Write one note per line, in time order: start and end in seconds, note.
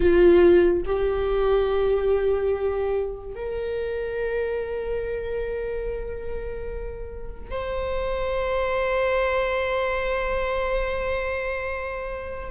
0.00 0.83 F4
0.85 3.35 G4
3.35 7.50 A#4
7.50 12.50 C5